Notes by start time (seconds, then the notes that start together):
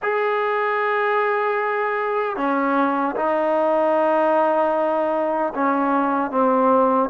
0.02 G#4
2.36 C#4
3.16 D#4
5.54 C#4
6.30 C4